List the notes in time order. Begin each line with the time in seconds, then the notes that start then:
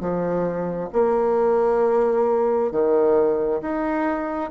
0.00 F3
0.92 A#3
2.71 D#3
3.61 D#4